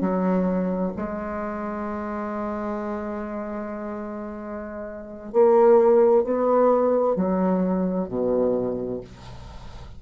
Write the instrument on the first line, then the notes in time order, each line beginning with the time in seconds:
bassoon
0.00 F#3
0.96 G#3
5.32 A#3
6.23 B3
7.15 F#3
8.08 B2